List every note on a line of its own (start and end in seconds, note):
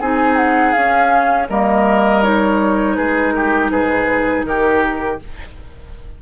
0.00 0.74 C4
0.00 0.76 D#4
0.00 1.48 G#4
0.00 0.37 G#5
0.37 0.73 F#5
0.73 1.49 C#4
0.73 1.50 C#4
0.73 1.47 F5
1.49 2.98 G3
1.49 2.23 A#3
1.49 2.97 A#4
1.49 2.23 D#5
2.23 5.19 D#4
2.23 2.95 C#5
2.95 3.70 G#3
2.95 3.34 G#4
2.95 3.32 B4
3.32 3.71 G4
3.32 3.69 A#4
3.70 4.44 G#2
3.70 4.46 G#4
3.70 4.45 B4
4.45 5.19 D#3
4.45 5.22 G4
4.45 5.19 A#4